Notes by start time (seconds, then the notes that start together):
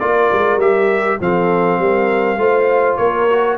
0.00 A#3 F4 A#4 D5
0.33 G#3
0.57 G3 G4 E5
1.21 F3 C4 A4 F5
1.79 G3 A#4
2.38 A3 F4 C5
2.97 A#3 A#4 C#5
3.30 F#4